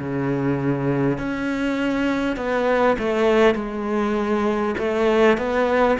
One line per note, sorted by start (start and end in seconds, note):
0.00 1.19 C#3
1.19 2.37 C#4
2.37 2.97 B3
2.99 3.55 A3
3.55 4.75 G#3
4.79 5.38 A3
5.38 5.98 B3